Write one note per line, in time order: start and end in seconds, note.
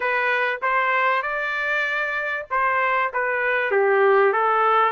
0.00 0.60 B4
0.62 1.22 C5
1.22 2.46 D5
2.50 3.12 C5
3.13 3.71 B4
3.71 4.32 G4
4.32 4.92 A4